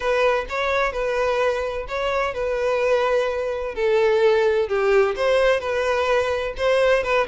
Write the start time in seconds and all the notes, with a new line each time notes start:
0.00 B4
0.49 C#5
0.92 B4
1.88 C#5
2.34 B4
3.75 A4
4.68 G4
5.16 C5
5.60 B4
6.57 C5
7.03 B4